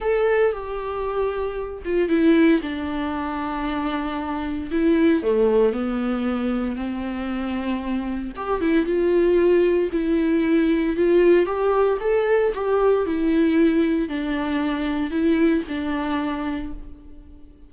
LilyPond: \new Staff \with { instrumentName = "viola" } { \time 4/4 \tempo 4 = 115 a'4 g'2~ g'8 f'8 | e'4 d'2.~ | d'4 e'4 a4 b4~ | b4 c'2. |
g'8 e'8 f'2 e'4~ | e'4 f'4 g'4 a'4 | g'4 e'2 d'4~ | d'4 e'4 d'2 | }